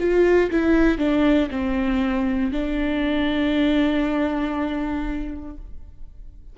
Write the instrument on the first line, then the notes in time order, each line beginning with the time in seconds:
viola
0.00 F4
0.51 E4
0.98 D4
1.51 C4
2.52 D4